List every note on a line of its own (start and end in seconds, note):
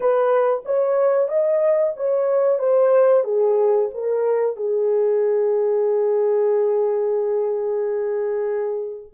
0.00 0.63 B4
0.65 1.28 C#5
1.28 1.93 D#5
1.96 2.58 C#5
2.58 3.24 C5
3.24 3.89 G#4
3.94 4.56 A#4
4.56 9.12 G#4